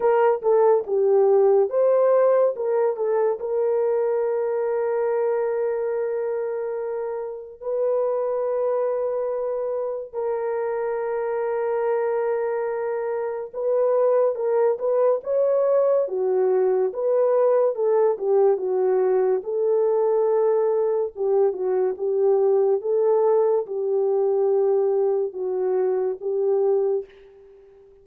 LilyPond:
\new Staff \with { instrumentName = "horn" } { \time 4/4 \tempo 4 = 71 ais'8 a'8 g'4 c''4 ais'8 a'8 | ais'1~ | ais'4 b'2. | ais'1 |
b'4 ais'8 b'8 cis''4 fis'4 | b'4 a'8 g'8 fis'4 a'4~ | a'4 g'8 fis'8 g'4 a'4 | g'2 fis'4 g'4 | }